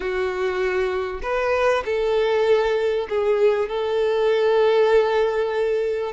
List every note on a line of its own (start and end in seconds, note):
0.00 1.20 F#4
1.22 1.83 B4
1.85 3.08 A4
3.09 3.68 G#4
3.68 6.12 A4